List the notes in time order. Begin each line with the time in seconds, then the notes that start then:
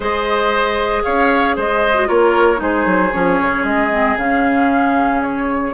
0.00 G#3 G#4 C5 D#5
1.03 C#4 C#5 F5
1.56 G#3 C5 D#5
1.94 F#4
2.06 A#3 F4 A#4 C#5
2.56 G#3 D#4 G#4 C5
2.85 F#3
3.12 F3 C#4 C#5
3.41 C#3
3.63 G#3 D#5
3.91 C4
4.16 C#3 C#4 F5
5.22 C#5